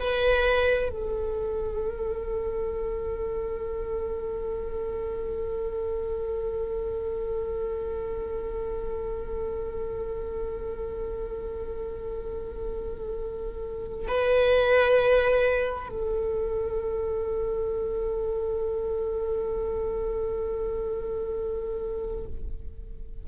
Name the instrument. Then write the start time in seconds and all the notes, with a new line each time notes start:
viola
0.00 B4
0.90 A4
14.09 B4
15.90 A4